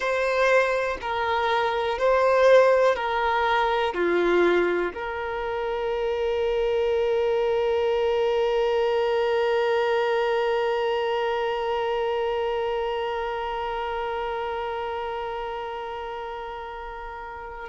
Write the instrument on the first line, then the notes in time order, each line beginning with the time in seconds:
violin
0.00 C5
1.01 A#4
1.98 C5
2.95 A#4
3.93 F4
4.94 A#4